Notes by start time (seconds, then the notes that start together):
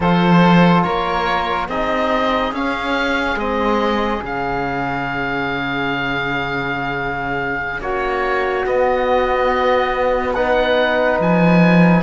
0.00 F3 F4 A4 C5
0.82 A#3 A#4 C#5
1.67 C4 D#4 G#4 D#5
2.52 C#4 F5
3.35 G#3 C4 D#5
4.21 C#3 C#4 F5
7.79 A#3 F#4 C#5
8.64 B3 D#5
10.33 D#4 B4 F#5
11.19 F3 G#5